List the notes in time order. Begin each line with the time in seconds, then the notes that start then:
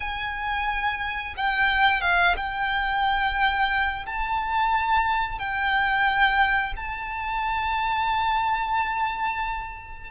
0.00 G#5
1.36 G5
2.01 F5
2.37 G5
4.06 A5
5.38 G5
6.76 A5